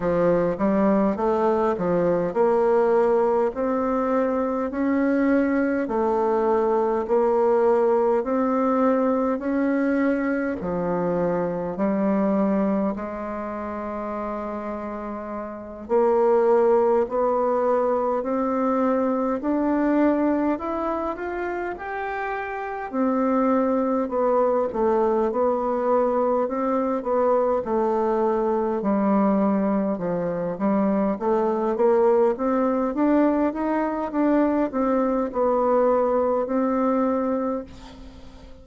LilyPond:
\new Staff \with { instrumentName = "bassoon" } { \time 4/4 \tempo 4 = 51 f8 g8 a8 f8 ais4 c'4 | cis'4 a4 ais4 c'4 | cis'4 f4 g4 gis4~ | gis4. ais4 b4 c'8~ |
c'8 d'4 e'8 f'8 g'4 c'8~ | c'8 b8 a8 b4 c'8 b8 a8~ | a8 g4 f8 g8 a8 ais8 c'8 | d'8 dis'8 d'8 c'8 b4 c'4 | }